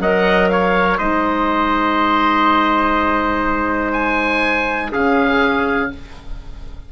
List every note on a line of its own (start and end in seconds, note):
0.00 0.98 F#3
0.00 0.99 A#4
0.00 0.51 D#5
0.00 0.49 F#5
0.49 0.99 C#5
0.49 0.98 F5
0.99 4.93 G#3
0.99 4.92 D#4
0.99 4.92 C5
0.99 3.93 D#5
3.93 4.91 G#5
4.92 5.92 C#3
4.92 5.90 C#4
4.92 5.91 G#4
4.92 5.92 F5